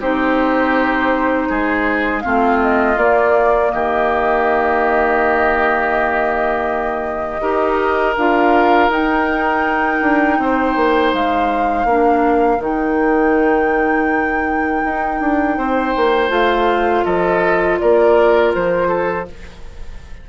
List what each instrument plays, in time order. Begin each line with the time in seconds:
0.00 bassoon C4, clarinet D#4, oboe G4, flute C5
1.49 bassoon G#3, oboe G#4
2.21 bassoon A3, clarinet C4, oboe F4, flute F5
2.62 flute D#5
2.97 bassoon A#3, clarinet A#3, flute D5
3.71 bassoon D#3, oboe G4, flute D#5
7.41 bassoon D#4, clarinet G4, oboe A#4
8.17 bassoon D4, clarinet F4, flute F5
8.89 bassoon D#4, clarinet D#4, flute G5
10.01 bassoon D4
10.39 bassoon C4, oboe C5
10.76 bassoon A#3
11.14 bassoon G#3, flute F5
11.85 bassoon A#3, clarinet D4, oboe A#4
12.58 bassoon D#3, clarinet D#4, flute G5
14.84 bassoon D#4
15.21 bassoon D4
15.57 bassoon C4, oboe C5
15.96 bassoon A#3
16.29 bassoon A3, clarinet F4, flute F5
17.04 bassoon F3, oboe A4, flute D#5
17.79 bassoon A#3, oboe A#4, flute D5
18.54 bassoon F3, flute C5
18.88 oboe A4